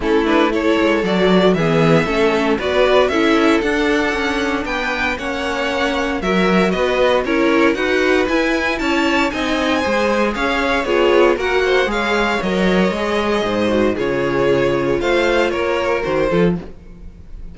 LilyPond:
<<
  \new Staff \with { instrumentName = "violin" } { \time 4/4 \tempo 4 = 116 a'8 b'8 cis''4 d''4 e''4~ | e''4 d''4 e''4 fis''4~ | fis''4 g''4 fis''2 | e''4 dis''4 cis''4 fis''4 |
gis''4 a''4 gis''2 | f''4 cis''4 fis''4 f''4 | dis''2. cis''4~ | cis''4 f''4 cis''4 c''4 | }
  \new Staff \with { instrumentName = "violin" } { \time 4/4 e'4 a'2 gis'4 | a'4 b'4 a'2~ | a'4 b'4 cis''2 | ais'4 b'4 ais'4 b'4~ |
b'4 cis''4 dis''4 c''4 | cis''4 gis'4 ais'8 c''8 cis''4~ | cis''2 c''4 gis'4~ | gis'4 c''4 ais'4. a'8 | }
  \new Staff \with { instrumentName = "viola" } { \time 4/4 cis'8 d'8 e'4 fis'4 b4 | cis'4 fis'4 e'4 d'4~ | d'2 cis'2 | fis'2 e'4 fis'4 |
e'2 dis'4 gis'4~ | gis'4 f'4 fis'4 gis'4 | ais'4 gis'4. fis'8 f'4~ | f'2. fis'8 f'8 | }
  \new Staff \with { instrumentName = "cello" } { \time 4/4 a4. gis8 fis4 e4 | a4 b4 cis'4 d'4 | cis'4 b4 ais2 | fis4 b4 cis'4 dis'4 |
e'4 cis'4 c'4 gis4 | cis'4 b4 ais4 gis4 | fis4 gis4 gis,4 cis4~ | cis4 a4 ais4 dis8 f8 | }
>>